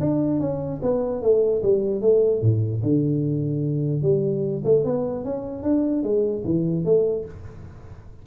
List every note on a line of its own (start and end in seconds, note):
0.00 0.40 D4
0.40 0.80 C#4
0.82 1.22 B3
1.22 1.62 A3
1.62 2.01 G3
2.01 2.41 A3
2.42 2.82 A2
2.83 4.02 D3
4.02 4.62 G3
4.64 4.84 A3
4.84 5.24 B3
5.24 5.63 C#4
5.63 6.03 D4
6.03 6.43 G#3
6.44 6.85 E3
6.85 7.25 A3